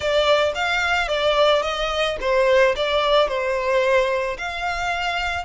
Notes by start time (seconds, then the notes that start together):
0.00 D5
0.54 F5
1.08 D5
1.62 D#5
2.20 C5
2.75 D5
3.28 C5
4.38 F5